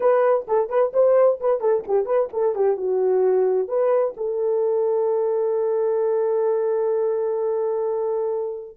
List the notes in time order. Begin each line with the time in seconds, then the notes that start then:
0.00 B4
0.47 A4
0.69 B4
0.93 C5
1.40 B4
1.60 A4
1.87 G4
2.05 B4
2.32 A4
2.55 G4
2.77 F#4
3.68 B4
4.16 A4